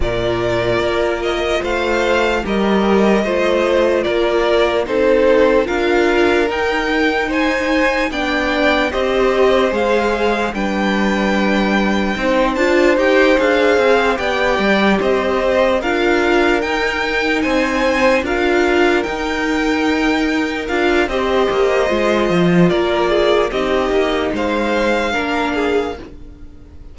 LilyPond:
<<
  \new Staff \with { instrumentName = "violin" } { \time 4/4 \tempo 4 = 74 d''4. dis''8 f''4 dis''4~ | dis''4 d''4 c''4 f''4 | g''4 gis''4 g''4 dis''4 | f''4 g''2~ g''8 a''8 |
g''8 f''4 g''4 dis''4 f''8~ | f''8 g''4 gis''4 f''4 g''8~ | g''4. f''8 dis''2 | d''4 dis''4 f''2 | }
  \new Staff \with { instrumentName = "violin" } { \time 4/4 ais'2 c''4 ais'4 | c''4 ais'4 a'4 ais'4~ | ais'4 c''4 d''4 c''4~ | c''4 b'2 c''4~ |
c''4. d''4 c''4 ais'8~ | ais'4. c''4 ais'4.~ | ais'2 c''2 | ais'8 gis'8 g'4 c''4 ais'8 gis'8 | }
  \new Staff \with { instrumentName = "viola" } { \time 4/4 f'2. g'4 | f'2 dis'4 f'4 | dis'2 d'4 g'4 | gis'4 d'2 dis'8 f'8 |
g'8 gis'4 g'2 f'8~ | f'8 dis'2 f'4 dis'8~ | dis'4. f'8 g'4 f'4~ | f'4 dis'2 d'4 | }
  \new Staff \with { instrumentName = "cello" } { \time 4/4 ais,4 ais4 a4 g4 | a4 ais4 c'4 d'4 | dis'2 b4 c'4 | gis4 g2 c'8 d'8 |
dis'8 d'8 c'8 b8 g8 c'4 d'8~ | d'8 dis'4 c'4 d'4 dis'8~ | dis'4. d'8 c'8 ais8 gis8 f8 | ais4 c'8 ais8 gis4 ais4 | }
>>